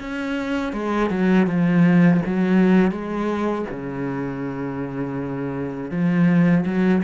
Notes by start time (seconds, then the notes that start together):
0.00 C#4
0.73 G#3
1.10 F#3
1.47 F3
2.26 F#3
2.91 G#3
3.70 C#3
5.91 F3
6.66 F#3